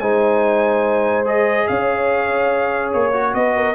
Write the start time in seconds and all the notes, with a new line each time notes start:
0.00 G#3 D#4 C5 G#5
1.25 G#4 D#5
1.68 C#4 C#5 F5
2.93 A#3 C#5
3.13 F#4
3.35 B3 B4 D#5
3.56 A#4